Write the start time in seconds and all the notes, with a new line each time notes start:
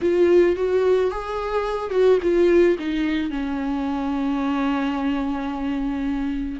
0.02 F4
0.56 F#4
1.10 G#4
1.90 F#4
2.22 F4
2.78 D#4
3.30 C#4